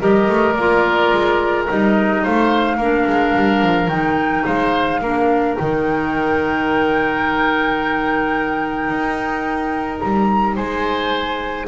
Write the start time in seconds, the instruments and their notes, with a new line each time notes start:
0.00 double bass G3, clarinet G4, oboe A#4, flute D#5
0.29 double bass A3
0.53 double bass A#3, clarinet F4, flute D5
1.12 double bass G#3
1.68 double bass G3, clarinet D#4, flute D#5
2.23 double bass A3, oboe C5, flute F5
2.77 double bass A#3, clarinet D4, oboe A#4
3.07 double bass G#3
3.35 double bass G3
3.62 double bass F3
3.88 double bass D#3, clarinet D#4, flute G5
4.45 double bass G#3, oboe C5, flute F5
5.01 double bass A#3, clarinet D4, oboe A#4
5.54 clarinet D#4, flute G5
5.60 double bass D#3
8.90 double bass D#4
10.00 double bass G3, flute A#5
10.56 double bass G#3, oboe C5, flute G#5